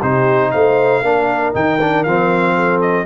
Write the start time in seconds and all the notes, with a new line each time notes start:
0.00 C3 D#4 G4 C5
0.51 A3 C5 F5
1.02 A#3 D4 A#4
1.53 D#3 D#4 G5
1.81 D4
2.04 F3 C4 F5
2.55 A4
2.81 D#5